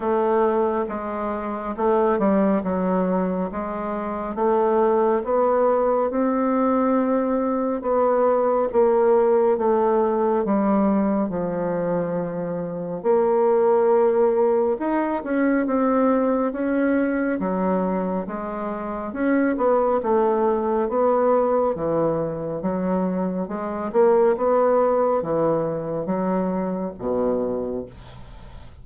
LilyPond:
\new Staff \with { instrumentName = "bassoon" } { \time 4/4 \tempo 4 = 69 a4 gis4 a8 g8 fis4 | gis4 a4 b4 c'4~ | c'4 b4 ais4 a4 | g4 f2 ais4~ |
ais4 dis'8 cis'8 c'4 cis'4 | fis4 gis4 cis'8 b8 a4 | b4 e4 fis4 gis8 ais8 | b4 e4 fis4 b,4 | }